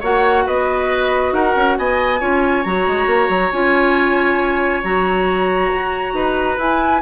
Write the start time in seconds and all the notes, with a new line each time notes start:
0.00 A#3 F#4 C#5 F#5
0.46 B3 B4 D#5
1.32 D#4 A#4 F#5
1.55 C#4
1.77 B3 D#5 G#5
2.20 C#4 F4 C#5
2.63 F#3 F#4 A#5
2.87 G#3
3.06 A#3
3.29 F#3
3.52 C#4 F4 G#5
4.83 F#3 F#4 A#5
5.72 F#4
6.13 D#4 B4
6.57 E4 G#5